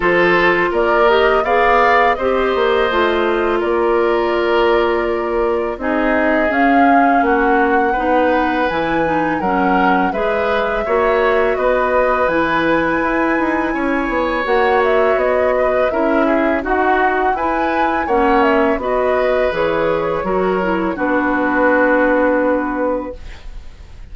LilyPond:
<<
  \new Staff \with { instrumentName = "flute" } { \time 4/4 \tempo 4 = 83 c''4 d''8 dis''8 f''4 dis''4~ | dis''4 d''2. | dis''4 f''4 fis''2 | gis''4 fis''4 e''2 |
dis''4 gis''2. | fis''8 e''8 dis''4 e''4 fis''4 | gis''4 fis''8 e''8 dis''4 cis''4~ | cis''4 b'2. | }
  \new Staff \with { instrumentName = "oboe" } { \time 4/4 a'4 ais'4 d''4 c''4~ | c''4 ais'2. | gis'2 fis'4 b'4~ | b'4 ais'4 b'4 cis''4 |
b'2. cis''4~ | cis''4. b'8 ais'8 gis'8 fis'4 | b'4 cis''4 b'2 | ais'4 fis'2. | }
  \new Staff \with { instrumentName = "clarinet" } { \time 4/4 f'4. g'8 gis'4 g'4 | f'1 | dis'4 cis'2 dis'4 | e'8 dis'8 cis'4 gis'4 fis'4~ |
fis'4 e'2. | fis'2 e'4 fis'4 | e'4 cis'4 fis'4 gis'4 | fis'8 e'8 d'2. | }
  \new Staff \with { instrumentName = "bassoon" } { \time 4/4 f4 ais4 b4 c'8 ais8 | a4 ais2. | c'4 cis'4 ais4 b4 | e4 fis4 gis4 ais4 |
b4 e4 e'8 dis'8 cis'8 b8 | ais4 b4 cis'4 dis'4 | e'4 ais4 b4 e4 | fis4 b2. | }
>>